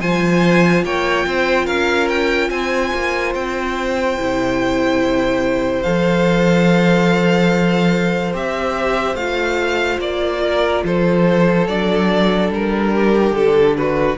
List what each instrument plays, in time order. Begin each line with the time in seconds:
0.00 cello F3, viola F4, violin C5 G#5
0.83 cello A#3, violin C#5 G5
1.26 cello C4, violin C5
1.65 cello C#4, violin A#4 F5
2.08 violin G5
2.49 cello C4, violin C5 G#5
2.93 cello A#3
3.34 cello C4, violin G5
4.18 cello C3, viola E4
5.82 cello F3, viola A4, violin F5
8.34 cello C4, viola G4, violin E5
9.15 cello A3, viola F4, violin F5
9.99 cello A#3, violin D5
10.42 violin A#4
10.84 cello F3, violin A4 C5
11.67 cello F#3, viola D4, violin D5
12.50 cello G3, violin A#4
12.93 violin G4
13.32 cello D3, violin A4
13.77 violin F#4 B4